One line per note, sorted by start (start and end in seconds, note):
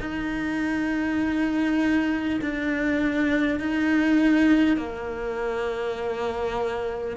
0.00 2.40 D#4
2.41 3.59 D4
3.59 4.76 D#4
4.76 7.16 A#3